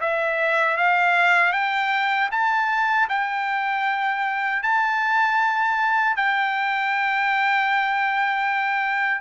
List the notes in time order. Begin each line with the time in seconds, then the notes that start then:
0.00 E5
0.77 F5
1.52 G5
2.31 A5
3.09 G5
4.63 A5
6.16 G5